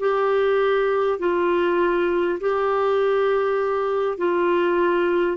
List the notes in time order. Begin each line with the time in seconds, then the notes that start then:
0.00 G4
1.19 F4
2.41 G4
4.18 F4